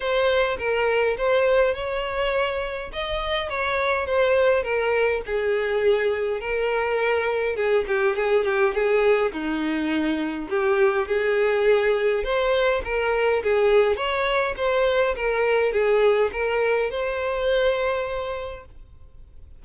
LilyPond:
\new Staff \with { instrumentName = "violin" } { \time 4/4 \tempo 4 = 103 c''4 ais'4 c''4 cis''4~ | cis''4 dis''4 cis''4 c''4 | ais'4 gis'2 ais'4~ | ais'4 gis'8 g'8 gis'8 g'8 gis'4 |
dis'2 g'4 gis'4~ | gis'4 c''4 ais'4 gis'4 | cis''4 c''4 ais'4 gis'4 | ais'4 c''2. | }